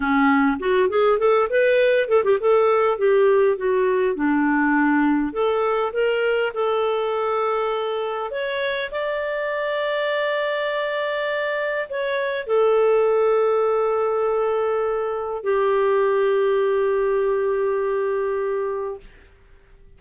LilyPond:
\new Staff \with { instrumentName = "clarinet" } { \time 4/4 \tempo 4 = 101 cis'4 fis'8 gis'8 a'8 b'4 a'16 g'16 | a'4 g'4 fis'4 d'4~ | d'4 a'4 ais'4 a'4~ | a'2 cis''4 d''4~ |
d''1 | cis''4 a'2.~ | a'2 g'2~ | g'1 | }